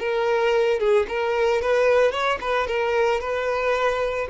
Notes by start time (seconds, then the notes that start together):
0.00 A#4
0.80 G#4
1.09 A#4
1.62 B4
2.12 C#5
2.41 B4
2.67 A#4
3.21 B4